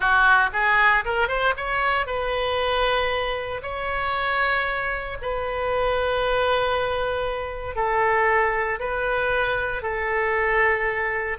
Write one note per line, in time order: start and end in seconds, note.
0.00 0.49 F#4
0.52 1.04 G#4
1.04 1.28 A#4
1.28 1.54 C5
1.57 2.06 C#5
2.06 3.61 B4
3.62 5.17 C#5
5.21 7.75 B4
7.75 8.79 A4
8.79 9.82 B4
9.82 11.37 A4